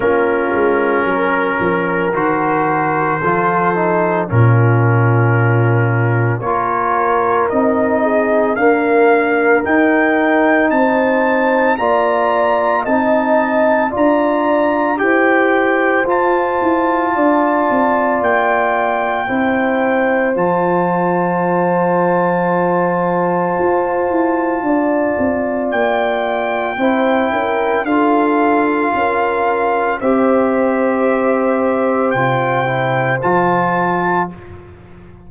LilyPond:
<<
  \new Staff \with { instrumentName = "trumpet" } { \time 4/4 \tempo 4 = 56 ais'2 c''2 | ais'2 cis''4 dis''4 | f''4 g''4 a''4 ais''4 | a''4 ais''4 g''4 a''4~ |
a''4 g''2 a''4~ | a''1 | g''2 f''2 | e''2 g''4 a''4 | }
  \new Staff \with { instrumentName = "horn" } { \time 4/4 f'4 ais'2 a'4 | f'2 ais'4. gis'8 | ais'2 c''4 d''4 | dis''4 d''4 c''2 |
d''2 c''2~ | c''2. d''4~ | d''4 c''8 ais'8 a'4 ais'4 | c''1 | }
  \new Staff \with { instrumentName = "trombone" } { \time 4/4 cis'2 fis'4 f'8 dis'8 | cis'2 f'4 dis'4 | ais4 dis'2 f'4 | dis'4 f'4 g'4 f'4~ |
f'2 e'4 f'4~ | f'1~ | f'4 e'4 f'2 | g'2 f'8 e'8 f'4 | }
  \new Staff \with { instrumentName = "tuba" } { \time 4/4 ais8 gis8 fis8 f8 dis4 f4 | ais,2 ais4 c'4 | d'4 dis'4 c'4 ais4 | c'4 d'4 e'4 f'8 e'8 |
d'8 c'8 ais4 c'4 f4~ | f2 f'8 e'8 d'8 c'8 | ais4 c'8 cis'8 d'4 cis'4 | c'2 c4 f4 | }
>>